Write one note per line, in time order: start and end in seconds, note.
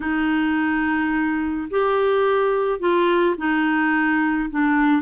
0.00 1.68 D#4
1.70 2.79 G4
2.79 3.35 F4
3.37 4.49 D#4
4.50 5.02 D4